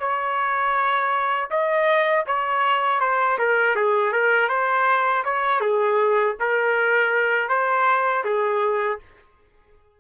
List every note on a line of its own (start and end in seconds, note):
0.00 1.50 C#5
1.51 2.26 D#5
2.27 3.01 C#5
3.01 3.38 C5
3.39 3.76 A#4
3.76 4.13 G#4
4.13 4.49 A#4
4.49 5.24 C5
5.25 5.61 C#5
5.61 6.36 G#4
6.40 7.49 A#4
7.49 8.24 C5
8.25 9.00 G#4